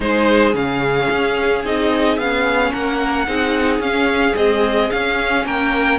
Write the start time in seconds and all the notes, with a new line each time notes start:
0.00 G#3 D#4 G#4 C5
0.54 C#3 C#4 F5
1.10 C#4
1.64 C4 D#4 D#5
2.17 B3 C#4 F5
2.72 A#3 A#4 F#5
3.26 C4 D#4 G#4
3.79 C#4 F5
4.33 G#3 C4 D#5
4.90 C#4 F5
5.45 A#3 A#4 G5